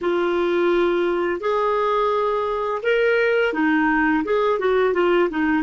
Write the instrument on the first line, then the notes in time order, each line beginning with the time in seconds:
clarinet
0.01 F4
1.40 G#4
2.82 A#4
3.53 D#4
4.24 G#4
4.59 F#4
4.93 F4
5.30 D#4